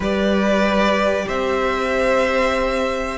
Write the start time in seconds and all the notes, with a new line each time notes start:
0.00 G3 G4 B4 D5
1.26 C4 C5 E5